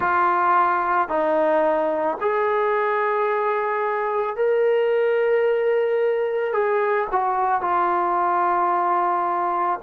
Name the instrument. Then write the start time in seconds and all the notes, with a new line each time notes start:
trombone
0.00 F4
1.08 D#4
2.21 G#4
4.36 A#4
6.53 G#4
7.12 F#4
7.61 F4